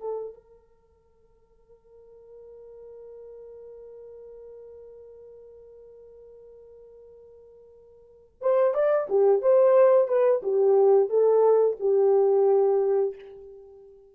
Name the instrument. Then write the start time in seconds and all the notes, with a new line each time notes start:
horn
0.00 A4
0.34 A#4
8.41 C5
8.74 D5
9.09 G4
9.42 C5
10.08 B4
10.42 G4
11.09 A4
11.80 G4